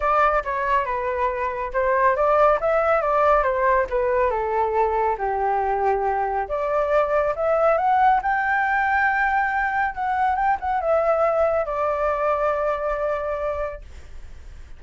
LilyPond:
\new Staff \with { instrumentName = "flute" } { \time 4/4 \tempo 4 = 139 d''4 cis''4 b'2 | c''4 d''4 e''4 d''4 | c''4 b'4 a'2 | g'2. d''4~ |
d''4 e''4 fis''4 g''4~ | g''2. fis''4 | g''8 fis''8 e''2 d''4~ | d''1 | }